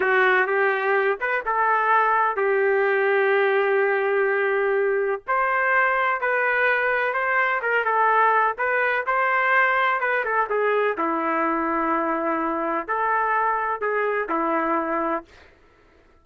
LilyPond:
\new Staff \with { instrumentName = "trumpet" } { \time 4/4 \tempo 4 = 126 fis'4 g'4. b'8 a'4~ | a'4 g'2.~ | g'2. c''4~ | c''4 b'2 c''4 |
ais'8 a'4. b'4 c''4~ | c''4 b'8 a'8 gis'4 e'4~ | e'2. a'4~ | a'4 gis'4 e'2 | }